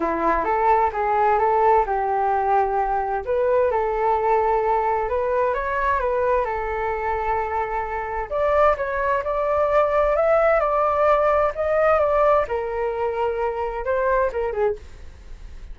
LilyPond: \new Staff \with { instrumentName = "flute" } { \time 4/4 \tempo 4 = 130 e'4 a'4 gis'4 a'4 | g'2. b'4 | a'2. b'4 | cis''4 b'4 a'2~ |
a'2 d''4 cis''4 | d''2 e''4 d''4~ | d''4 dis''4 d''4 ais'4~ | ais'2 c''4 ais'8 gis'8 | }